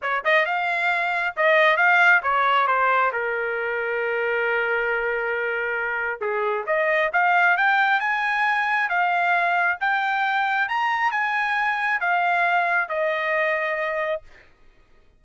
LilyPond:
\new Staff \with { instrumentName = "trumpet" } { \time 4/4 \tempo 4 = 135 cis''8 dis''8 f''2 dis''4 | f''4 cis''4 c''4 ais'4~ | ais'1~ | ais'2 gis'4 dis''4 |
f''4 g''4 gis''2 | f''2 g''2 | ais''4 gis''2 f''4~ | f''4 dis''2. | }